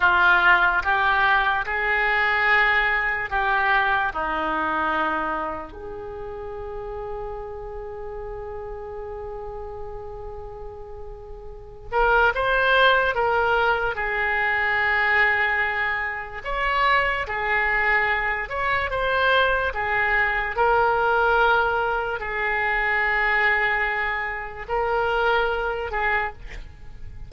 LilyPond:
\new Staff \with { instrumentName = "oboe" } { \time 4/4 \tempo 4 = 73 f'4 g'4 gis'2 | g'4 dis'2 gis'4~ | gis'1~ | gis'2~ gis'8 ais'8 c''4 |
ais'4 gis'2. | cis''4 gis'4. cis''8 c''4 | gis'4 ais'2 gis'4~ | gis'2 ais'4. gis'8 | }